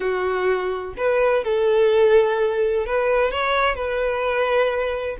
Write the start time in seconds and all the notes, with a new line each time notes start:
0.00 F#4
0.97 B4
1.44 A4
2.85 B4
3.31 C#5
3.75 B4